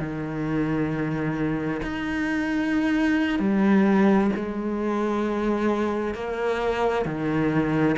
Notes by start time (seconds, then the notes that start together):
0.00 D#3
1.83 D#4
3.40 G3
4.36 G#3
6.15 A#3
7.06 D#3